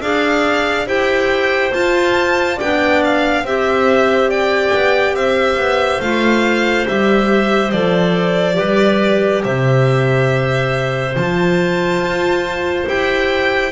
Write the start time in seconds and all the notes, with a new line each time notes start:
0.00 D4 G#4 D5 F5
0.86 E4 G4 C5 G5
1.72 F4 A5
2.56 B3 D4 D5 G5
3.04 F5
3.43 C4 G4 C5 E5
4.29 D5 G5
4.73 B3
5.14 C4 C5 E5
5.57 B3
6.00 A3 F4 F5
6.87 G3 G4 E5
7.71 F3 A4 D5
8.53 G3 G4 B4
9.44 C3 C5 E5
11.14 F3 F4 A5
11.99 F4
12.86 E4 G4 G5